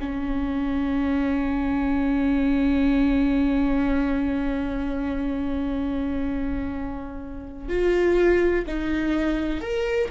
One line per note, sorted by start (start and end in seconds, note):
0.00 7.68 C#4
7.68 8.65 F4
8.66 9.61 D#4
9.61 10.09 A#4